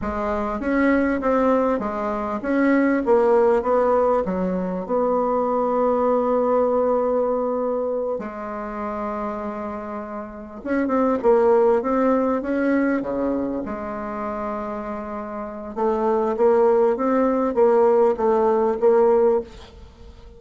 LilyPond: \new Staff \with { instrumentName = "bassoon" } { \time 4/4 \tempo 4 = 99 gis4 cis'4 c'4 gis4 | cis'4 ais4 b4 fis4 | b1~ | b4. gis2~ gis8~ |
gis4. cis'8 c'8 ais4 c'8~ | c'8 cis'4 cis4 gis4.~ | gis2 a4 ais4 | c'4 ais4 a4 ais4 | }